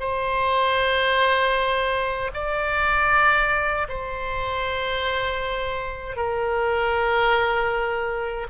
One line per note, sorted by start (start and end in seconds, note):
0.00 2.31 C5
2.34 3.88 D5
3.89 6.17 C5
6.17 8.48 A#4